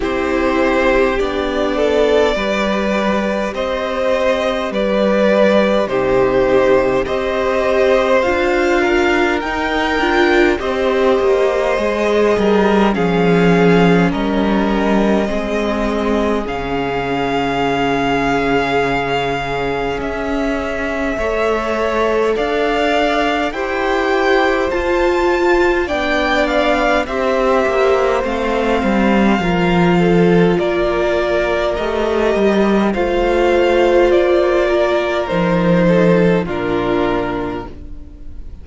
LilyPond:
<<
  \new Staff \with { instrumentName = "violin" } { \time 4/4 \tempo 4 = 51 c''4 d''2 dis''4 | d''4 c''4 dis''4 f''4 | g''4 dis''2 f''4 | dis''2 f''2~ |
f''4 e''2 f''4 | g''4 a''4 g''8 f''8 e''4 | f''2 d''4 dis''4 | f''4 d''4 c''4 ais'4 | }
  \new Staff \with { instrumentName = "violin" } { \time 4/4 g'4. a'8 b'4 c''4 | b'4 g'4 c''4. ais'8~ | ais'4 c''4. ais'8 gis'4 | ais'4 gis'2.~ |
gis'2 cis''4 d''4 | c''2 d''4 c''4~ | c''4 ais'8 a'8 ais'2 | c''4. ais'4 a'8 f'4 | }
  \new Staff \with { instrumentName = "viola" } { \time 4/4 e'4 d'4 g'2~ | g'4 dis'4 g'4 f'4 | dis'8 f'8 g'4 gis'4 cis'4~ | cis'4 c'4 cis'2~ |
cis'2 a'2 | g'4 f'4 d'4 g'4 | c'4 f'2 g'4 | f'2 dis'4 d'4 | }
  \new Staff \with { instrumentName = "cello" } { \time 4/4 c'4 b4 g4 c'4 | g4 c4 c'4 d'4 | dis'8 d'8 c'8 ais8 gis8 g8 f4 | g4 gis4 cis2~ |
cis4 cis'4 a4 d'4 | e'4 f'4 b4 c'8 ais8 | a8 g8 f4 ais4 a8 g8 | a4 ais4 f4 ais,4 | }
>>